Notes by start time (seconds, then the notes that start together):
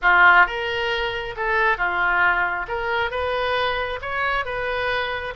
0.02 F4
0.46 A#4
1.36 A4
1.77 F4
2.68 A#4
3.10 B4
4.01 C#5
4.45 B4